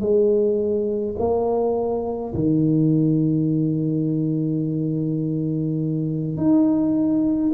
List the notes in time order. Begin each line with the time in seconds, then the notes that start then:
0.00 G#3
1.18 A#3
2.34 D#3
6.37 D#4